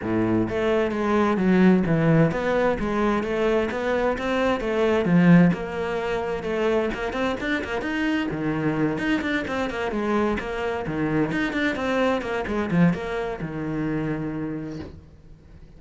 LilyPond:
\new Staff \with { instrumentName = "cello" } { \time 4/4 \tempo 4 = 130 a,4 a4 gis4 fis4 | e4 b4 gis4 a4 | b4 c'4 a4 f4 | ais2 a4 ais8 c'8 |
d'8 ais8 dis'4 dis4. dis'8 | d'8 c'8 ais8 gis4 ais4 dis8~ | dis8 dis'8 d'8 c'4 ais8 gis8 f8 | ais4 dis2. | }